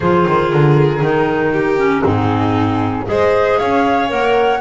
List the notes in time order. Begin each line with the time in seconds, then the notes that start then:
0.00 F3 F4 G#4 C5
0.27 D#3
0.51 D3 A#4
1.00 D#3 D#4
1.52 G4
1.78 C#4
2.03 G#2 C4 D#4 G#4
3.05 G#3 G#4 C5 D#5
3.58 C#4 C#5 F5
4.09 A#3 A#4 F#5